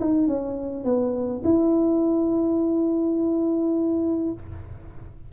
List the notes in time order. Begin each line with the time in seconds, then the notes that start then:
0.00 D#4
0.27 C#4
0.84 B3
1.44 E4